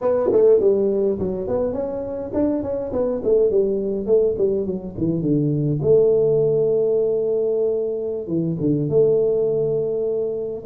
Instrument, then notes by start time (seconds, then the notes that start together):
tuba
0.01 B3
0.32 A3
0.60 G3
1.18 F#3
1.47 B3
1.72 C#4
2.33 D4
2.62 C#4
2.92 B3
3.23 A3
3.50 G3
4.06 A3
4.37 G3
4.66 F#3
4.97 E3
5.21 D3
5.82 A3
8.27 E3
8.60 D3
8.89 A3